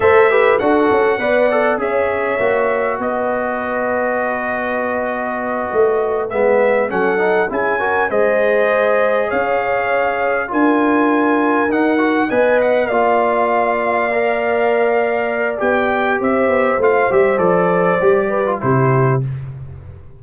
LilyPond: <<
  \new Staff \with { instrumentName = "trumpet" } { \time 4/4 \tempo 4 = 100 e''4 fis''2 e''4~ | e''4 dis''2.~ | dis''2~ dis''8 e''4 fis''8~ | fis''8 gis''4 dis''2 f''8~ |
f''4. gis''2 fis''8~ | fis''8 gis''8 fis''8 f''2~ f''8~ | f''2 g''4 e''4 | f''8 e''8 d''2 c''4 | }
  \new Staff \with { instrumentName = "horn" } { \time 4/4 c''8 b'8 a'4 d''4 cis''4~ | cis''4 b'2.~ | b'2.~ b'8 a'8~ | a'8 gis'8 ais'8 c''2 cis''8~ |
cis''4. ais'2~ ais'8~ | ais'8 dis''4 d''2~ d''8~ | d''2. c''4~ | c''2~ c''8 b'8 g'4 | }
  \new Staff \with { instrumentName = "trombone" } { \time 4/4 a'8 g'8 fis'4 b'8 a'8 gis'4 | fis'1~ | fis'2~ fis'8 b4 cis'8 | dis'8 e'8 fis'8 gis'2~ gis'8~ |
gis'4. f'2 dis'8 | fis'8 b'4 f'2 ais'8~ | ais'2 g'2 | f'8 g'8 a'4 g'8. f'16 e'4 | }
  \new Staff \with { instrumentName = "tuba" } { \time 4/4 a4 d'8 cis'8 b4 cis'4 | ais4 b2.~ | b4. a4 gis4 fis8~ | fis8 cis'4 gis2 cis'8~ |
cis'4. d'2 dis'8~ | dis'8 b4 ais2~ ais8~ | ais2 b4 c'8 b8 | a8 g8 f4 g4 c4 | }
>>